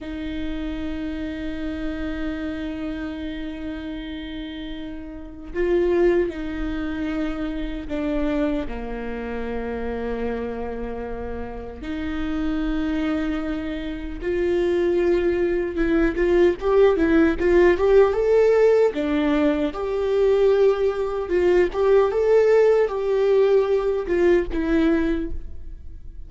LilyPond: \new Staff \with { instrumentName = "viola" } { \time 4/4 \tempo 4 = 76 dis'1~ | dis'2. f'4 | dis'2 d'4 ais4~ | ais2. dis'4~ |
dis'2 f'2 | e'8 f'8 g'8 e'8 f'8 g'8 a'4 | d'4 g'2 f'8 g'8 | a'4 g'4. f'8 e'4 | }